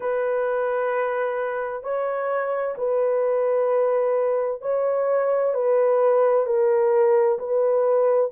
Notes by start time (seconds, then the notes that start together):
0.00 B4
1.83 C#5
2.77 B4
4.61 C#5
5.54 B4
6.46 A#4
7.38 B4